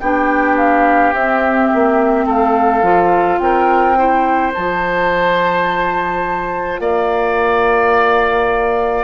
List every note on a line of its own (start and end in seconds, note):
0.00 1.13 B3
0.00 1.14 D4
0.00 2.25 G4
0.00 0.57 G5
0.57 1.13 F5
1.13 1.70 C4
1.13 2.83 C4
1.13 2.27 E5
1.74 2.26 A#3
2.25 2.82 A3
2.25 3.38 A4
2.25 3.38 F5
2.82 3.39 F3
2.82 3.96 F4
3.38 4.53 C4
3.38 3.98 A#4
3.38 4.52 G5
3.97 4.53 E4
3.97 6.81 C5
4.53 6.79 F3
4.53 9.04 F4
4.53 6.79 A5
6.79 9.04 A#3
6.79 9.04 D5
6.79 9.04 F5